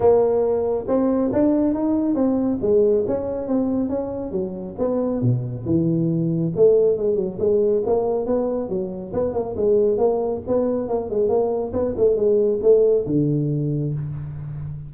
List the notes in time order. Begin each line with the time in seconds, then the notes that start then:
0.00 A#3
0.87 C4
1.32 D4
1.74 D#4
2.14 C4
2.61 G#3
3.07 C#4
3.47 C4
3.89 C#4
4.31 F#3
4.78 B3
5.21 B2
5.65 E3
6.56 A3
6.97 G#3
7.16 F#3
7.39 G#3
7.85 A#3
8.25 B3
8.69 F#3
9.13 B3
9.33 A#3
9.56 G#3
9.97 A#3
10.47 B3
10.88 A#3
11.09 G#3
11.28 A#3
11.73 B3
11.96 A3
12.16 G#3
12.62 A3
13.06 D3